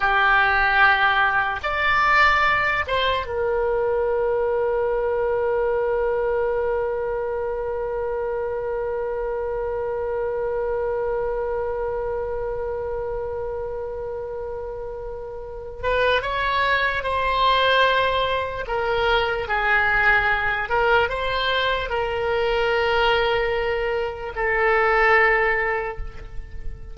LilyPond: \new Staff \with { instrumentName = "oboe" } { \time 4/4 \tempo 4 = 74 g'2 d''4. c''8 | ais'1~ | ais'1~ | ais'1~ |
ais'2.~ ais'8 b'8 | cis''4 c''2 ais'4 | gis'4. ais'8 c''4 ais'4~ | ais'2 a'2 | }